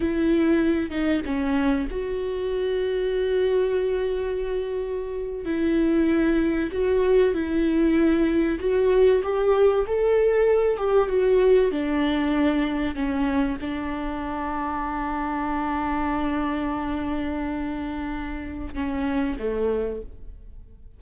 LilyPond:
\new Staff \with { instrumentName = "viola" } { \time 4/4 \tempo 4 = 96 e'4. dis'8 cis'4 fis'4~ | fis'1~ | fis'8. e'2 fis'4 e'16~ | e'4.~ e'16 fis'4 g'4 a'16~ |
a'4~ a'16 g'8 fis'4 d'4~ d'16~ | d'8. cis'4 d'2~ d'16~ | d'1~ | d'2 cis'4 a4 | }